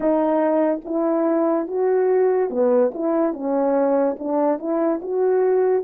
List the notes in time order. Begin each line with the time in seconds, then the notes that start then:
0.00 D#4
0.84 E4
1.67 F#4
2.50 B3
2.94 E4
3.33 C#4
4.19 D4
4.58 E4
5.02 F#4